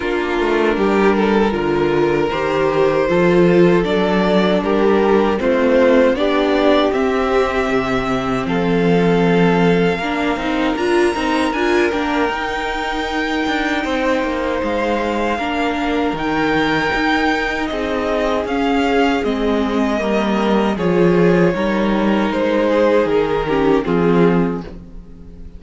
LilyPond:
<<
  \new Staff \with { instrumentName = "violin" } { \time 4/4 \tempo 4 = 78 ais'2. c''4~ | c''4 d''4 ais'4 c''4 | d''4 e''2 f''4~ | f''2 ais''4 gis''8 g''8~ |
g''2. f''4~ | f''4 g''2 dis''4 | f''4 dis''2 cis''4~ | cis''4 c''4 ais'4 gis'4 | }
  \new Staff \with { instrumentName = "violin" } { \time 4/4 f'4 g'8 a'8 ais'2 | a'2 g'4 f'4 | g'2. a'4~ | a'4 ais'2.~ |
ais'2 c''2 | ais'2. gis'4~ | gis'2 ais'4 gis'4 | ais'4. gis'4 g'8 f'4 | }
  \new Staff \with { instrumentName = "viola" } { \time 4/4 d'2 f'4 g'4 | f'4 d'2 c'4 | d'4 c'2.~ | c'4 d'8 dis'8 f'8 dis'8 f'8 d'8 |
dis'1 | d'4 dis'2. | cis'4 c'4 ais4 f'4 | dis'2~ dis'8 cis'8 c'4 | }
  \new Staff \with { instrumentName = "cello" } { \time 4/4 ais8 a8 g4 d4 dis4 | f4 fis4 g4 a4 | b4 c'4 c4 f4~ | f4 ais8 c'8 d'8 c'8 d'8 ais8 |
dis'4. d'8 c'8 ais8 gis4 | ais4 dis4 dis'4 c'4 | cis'4 gis4 g4 f4 | g4 gis4 dis4 f4 | }
>>